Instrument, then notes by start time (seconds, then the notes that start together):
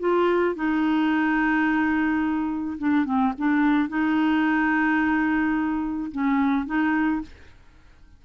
clarinet
0.00 F4
0.56 D#4
2.79 D4
3.05 C4
3.38 D4
3.89 D#4
6.12 C#4
6.66 D#4